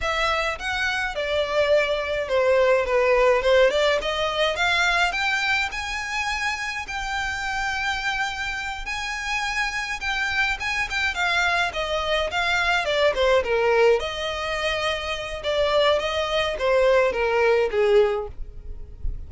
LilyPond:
\new Staff \with { instrumentName = "violin" } { \time 4/4 \tempo 4 = 105 e''4 fis''4 d''2 | c''4 b'4 c''8 d''8 dis''4 | f''4 g''4 gis''2 | g''2.~ g''8 gis''8~ |
gis''4. g''4 gis''8 g''8 f''8~ | f''8 dis''4 f''4 d''8 c''8 ais'8~ | ais'8 dis''2~ dis''8 d''4 | dis''4 c''4 ais'4 gis'4 | }